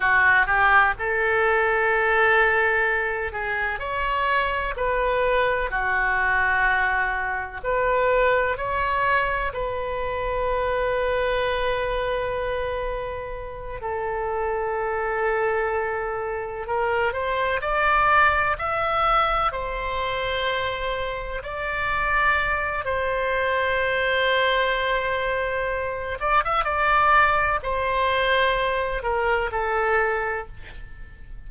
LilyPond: \new Staff \with { instrumentName = "oboe" } { \time 4/4 \tempo 4 = 63 fis'8 g'8 a'2~ a'8 gis'8 | cis''4 b'4 fis'2 | b'4 cis''4 b'2~ | b'2~ b'8 a'4.~ |
a'4. ais'8 c''8 d''4 e''8~ | e''8 c''2 d''4. | c''2.~ c''8 d''16 e''16 | d''4 c''4. ais'8 a'4 | }